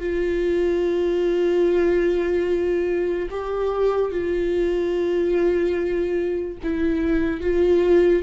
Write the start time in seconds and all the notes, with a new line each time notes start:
0.00 F4
3.31 G4
4.11 F4
6.63 E4
7.41 F4